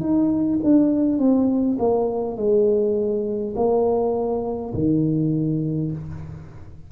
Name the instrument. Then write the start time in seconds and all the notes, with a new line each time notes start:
tuba
0.00 D#4
0.63 D4
1.18 C4
1.79 A#3
2.36 G#3
3.56 A#3
4.74 D#3